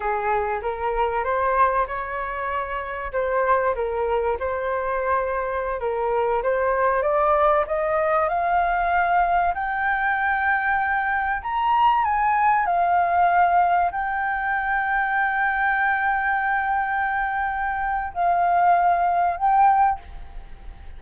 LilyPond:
\new Staff \with { instrumentName = "flute" } { \time 4/4 \tempo 4 = 96 gis'4 ais'4 c''4 cis''4~ | cis''4 c''4 ais'4 c''4~ | c''4~ c''16 ais'4 c''4 d''8.~ | d''16 dis''4 f''2 g''8.~ |
g''2~ g''16 ais''4 gis''8.~ | gis''16 f''2 g''4.~ g''16~ | g''1~ | g''4 f''2 g''4 | }